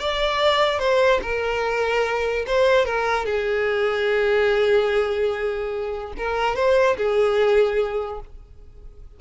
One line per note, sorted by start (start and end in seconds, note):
0.00 0.79 D5
0.79 1.20 C5
1.23 2.46 A#4
2.47 2.86 C5
2.86 3.26 A#4
3.26 6.13 G#4
6.18 6.56 A#4
6.56 6.97 C5
6.97 8.21 G#4